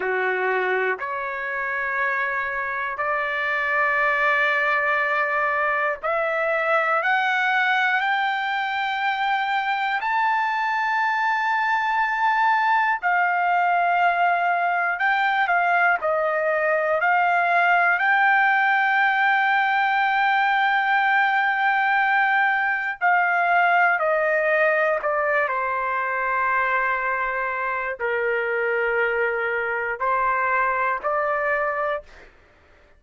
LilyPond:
\new Staff \with { instrumentName = "trumpet" } { \time 4/4 \tempo 4 = 60 fis'4 cis''2 d''4~ | d''2 e''4 fis''4 | g''2 a''2~ | a''4 f''2 g''8 f''8 |
dis''4 f''4 g''2~ | g''2. f''4 | dis''4 d''8 c''2~ c''8 | ais'2 c''4 d''4 | }